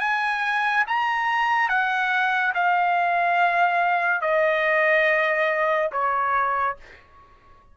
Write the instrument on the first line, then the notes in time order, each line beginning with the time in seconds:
trumpet
0.00 G#5
0.87 A#5
1.69 F#5
2.54 F5
4.21 D#5
5.92 C#5